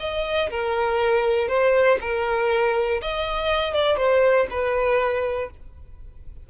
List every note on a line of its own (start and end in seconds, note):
0.00 0.50 D#5
0.50 1.49 A#4
1.49 1.99 C5
2.01 3.01 A#4
3.02 3.75 D#5
3.75 3.97 D5
3.97 4.47 C5
4.50 5.50 B4